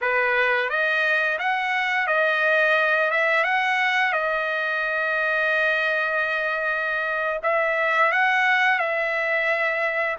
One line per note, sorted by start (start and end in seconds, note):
0.01 0.69 B4
0.69 1.38 D#5
1.39 2.07 F#5
2.07 3.10 D#5
3.10 3.44 E5
3.44 4.12 F#5
4.12 7.40 D#5
7.43 8.12 E5
8.12 8.78 F#5
8.78 10.16 E5